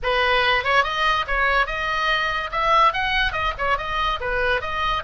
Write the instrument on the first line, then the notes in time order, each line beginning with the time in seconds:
oboe
0.02 B4
0.64 C#5
0.83 D#5
1.27 C#5
1.66 D#5
2.51 E5
2.93 F#5
3.32 D#5
3.58 C#5
3.77 D#5
4.20 B4
4.61 D#5